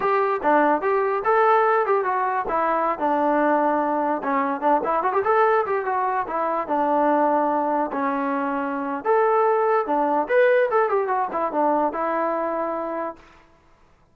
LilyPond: \new Staff \with { instrumentName = "trombone" } { \time 4/4 \tempo 4 = 146 g'4 d'4 g'4 a'4~ | a'8 g'8 fis'4 e'4~ e'16 d'8.~ | d'2~ d'16 cis'4 d'8 e'16~ | e'16 fis'16 g'16 a'4 g'8 fis'4 e'8.~ |
e'16 d'2. cis'8.~ | cis'2 a'2 | d'4 b'4 a'8 g'8 fis'8 e'8 | d'4 e'2. | }